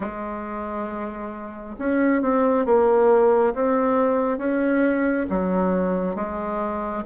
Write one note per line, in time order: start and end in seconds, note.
0.00 1.76 G#3
1.78 2.21 C#4
2.21 2.65 C4
2.65 3.53 A#3
3.54 4.38 C4
4.38 5.26 C#4
5.29 6.15 F#3
6.15 7.03 G#3